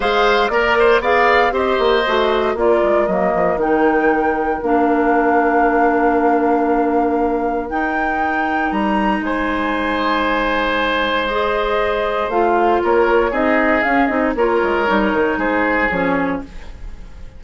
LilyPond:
<<
  \new Staff \with { instrumentName = "flute" } { \time 4/4 \tempo 4 = 117 f''4 d''4 f''4 dis''4~ | dis''4 d''4 dis''4 g''4~ | g''4 f''2.~ | f''2. g''4~ |
g''4 ais''4 gis''2~ | gis''2 dis''2 | f''4 cis''4 dis''4 f''8 dis''8 | cis''2 c''4 cis''4 | }
  \new Staff \with { instrumentName = "oboe" } { \time 4/4 c''4 ais'8 c''8 d''4 c''4~ | c''4 ais'2.~ | ais'1~ | ais'1~ |
ais'2 c''2~ | c''1~ | c''4 ais'4 gis'2 | ais'2 gis'2 | }
  \new Staff \with { instrumentName = "clarinet" } { \time 4/4 gis'4 ais'4 gis'4 g'4 | fis'4 f'4 ais4 dis'4~ | dis'4 d'2.~ | d'2. dis'4~ |
dis'1~ | dis'2 gis'2 | f'2 dis'4 cis'8 dis'8 | f'4 dis'2 cis'4 | }
  \new Staff \with { instrumentName = "bassoon" } { \time 4/4 gis4 ais4 b4 c'8 ais8 | a4 ais8 gis8 fis8 f8 dis4~ | dis4 ais2.~ | ais2. dis'4~ |
dis'4 g4 gis2~ | gis1 | a4 ais4 c'4 cis'8 c'8 | ais8 gis8 g8 dis8 gis4 f4 | }
>>